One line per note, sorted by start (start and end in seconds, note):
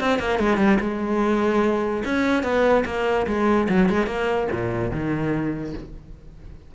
0.00 0.19 C4
0.19 0.39 A#3
0.39 0.57 G#3
0.57 0.78 G3
0.80 2.03 G#3
2.05 2.43 C#4
2.43 2.84 B3
2.85 3.26 A#3
3.27 3.68 G#3
3.69 3.89 F#3
3.89 4.06 G#3
4.06 4.47 A#3
4.51 4.91 A#2
4.91 5.73 D#3